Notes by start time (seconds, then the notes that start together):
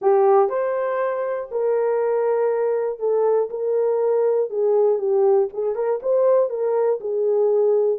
0.01 G4
0.49 C5
1.51 A#4
2.99 A4
3.50 A#4
4.50 G#4
4.98 G4
5.52 G#4
5.75 A#4
6.02 C5
6.49 A#4
7.00 G#4